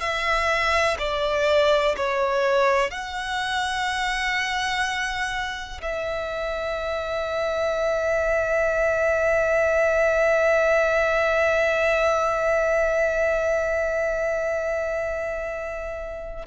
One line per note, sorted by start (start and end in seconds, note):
0.00 0.97 E5
0.98 1.95 D5
1.96 2.90 C#5
2.90 5.81 F#5
5.81 16.46 E5